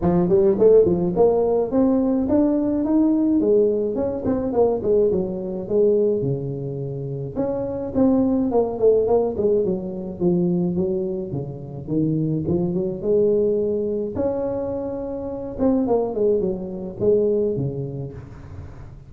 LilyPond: \new Staff \with { instrumentName = "tuba" } { \time 4/4 \tempo 4 = 106 f8 g8 a8 f8 ais4 c'4 | d'4 dis'4 gis4 cis'8 c'8 | ais8 gis8 fis4 gis4 cis4~ | cis4 cis'4 c'4 ais8 a8 |
ais8 gis8 fis4 f4 fis4 | cis4 dis4 f8 fis8 gis4~ | gis4 cis'2~ cis'8 c'8 | ais8 gis8 fis4 gis4 cis4 | }